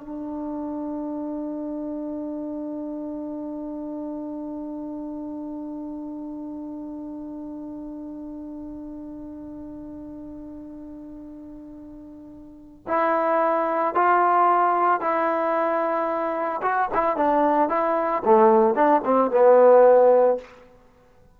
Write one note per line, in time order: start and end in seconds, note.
0.00 12.86 D4
12.87 13.94 E4
13.94 15.00 F4
15.00 16.61 E4
16.62 16.88 F#4
16.94 17.16 E4
17.16 17.69 D4
17.69 18.22 E4
18.24 18.75 A3
18.75 19.01 D4
19.04 19.31 C4
19.31 20.38 B3